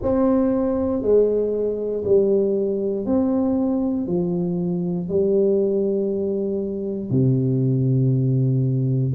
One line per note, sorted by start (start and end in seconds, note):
0.02 1.02 C4
1.02 2.03 G#3
2.04 3.05 G3
3.05 4.07 C4
4.07 5.08 F3
5.08 7.10 G3
7.10 9.13 C3